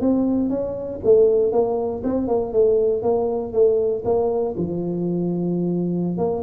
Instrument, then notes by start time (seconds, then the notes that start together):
tuba
0.00 C4
0.49 C#4
1.04 A3
1.52 A#3
2.03 C4
2.27 A#3
2.53 A3
3.02 A#3
3.53 A3
4.05 A#3
4.57 F3
6.17 A#3